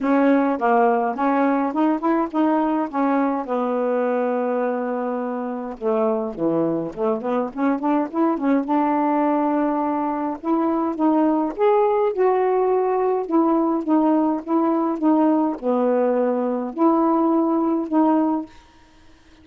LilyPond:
\new Staff \with { instrumentName = "saxophone" } { \time 4/4 \tempo 4 = 104 cis'4 ais4 cis'4 dis'8 e'8 | dis'4 cis'4 b2~ | b2 a4 e4 | a8 b8 cis'8 d'8 e'8 cis'8 d'4~ |
d'2 e'4 dis'4 | gis'4 fis'2 e'4 | dis'4 e'4 dis'4 b4~ | b4 e'2 dis'4 | }